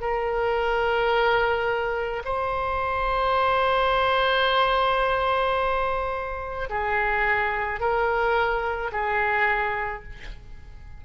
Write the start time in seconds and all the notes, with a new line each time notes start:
0.00 A#4
2.24 C5
6.69 G#4
7.79 A#4
8.91 G#4